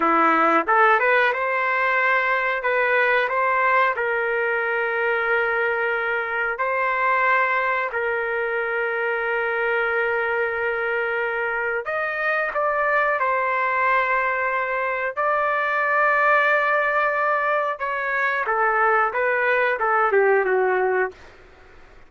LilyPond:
\new Staff \with { instrumentName = "trumpet" } { \time 4/4 \tempo 4 = 91 e'4 a'8 b'8 c''2 | b'4 c''4 ais'2~ | ais'2 c''2 | ais'1~ |
ais'2 dis''4 d''4 | c''2. d''4~ | d''2. cis''4 | a'4 b'4 a'8 g'8 fis'4 | }